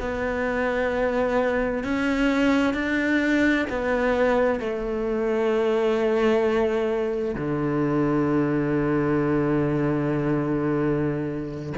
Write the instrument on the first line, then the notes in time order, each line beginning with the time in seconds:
cello
0.00 B3
1.84 C#4
2.74 D4
3.70 B3
4.60 A3
7.35 D3